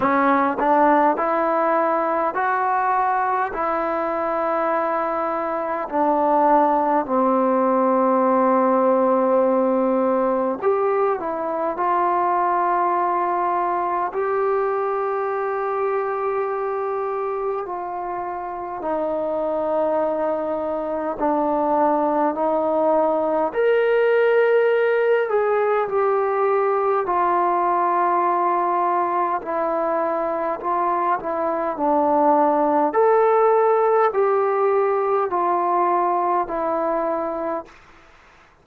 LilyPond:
\new Staff \with { instrumentName = "trombone" } { \time 4/4 \tempo 4 = 51 cis'8 d'8 e'4 fis'4 e'4~ | e'4 d'4 c'2~ | c'4 g'8 e'8 f'2 | g'2. f'4 |
dis'2 d'4 dis'4 | ais'4. gis'8 g'4 f'4~ | f'4 e'4 f'8 e'8 d'4 | a'4 g'4 f'4 e'4 | }